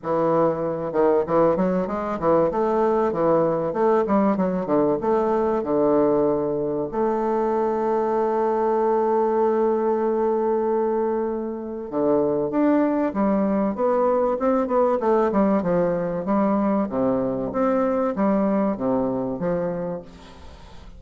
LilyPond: \new Staff \with { instrumentName = "bassoon" } { \time 4/4 \tempo 4 = 96 e4. dis8 e8 fis8 gis8 e8 | a4 e4 a8 g8 fis8 d8 | a4 d2 a4~ | a1~ |
a2. d4 | d'4 g4 b4 c'8 b8 | a8 g8 f4 g4 c4 | c'4 g4 c4 f4 | }